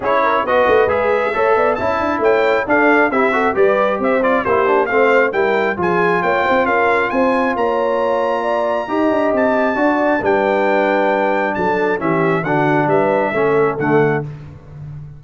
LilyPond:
<<
  \new Staff \with { instrumentName = "trumpet" } { \time 4/4 \tempo 4 = 135 cis''4 dis''4 e''2 | a''4 g''4 f''4 e''4 | d''4 e''8 d''8 c''4 f''4 | g''4 gis''4 g''4 f''4 |
gis''4 ais''2.~ | ais''4 a''2 g''4~ | g''2 a''4 e''4 | fis''4 e''2 fis''4 | }
  \new Staff \with { instrumentName = "horn" } { \time 4/4 gis'8 ais'8 b'2 cis''8 d''8 | e''4 cis''4 a'4 g'8 a'8 | b'4 c''4 g'4 c''4 | ais'4 gis'4 cis''8 c''8 ais'4 |
c''4 cis''2 d''4 | dis''2 d''4 b'4~ | b'2 a'4 g'4 | fis'4 b'4 a'2 | }
  \new Staff \with { instrumentName = "trombone" } { \time 4/4 e'4 fis'4 gis'4 a'4 | e'2 d'4 e'8 fis'8 | g'4. f'8 e'8 d'8 c'4 | e'4 f'2.~ |
f'1 | g'2 fis'4 d'4~ | d'2. cis'4 | d'2 cis'4 a4 | }
  \new Staff \with { instrumentName = "tuba" } { \time 4/4 cis'4 b8 a8 gis4 a8 b8 | cis'8 d'8 a4 d'4 c'4 | g4 c'4 ais4 a4 | g4 f4 ais8 c'8 cis'4 |
c'4 ais2. | dis'8 d'8 c'4 d'4 g4~ | g2 fis4 e4 | d4 g4 a4 d4 | }
>>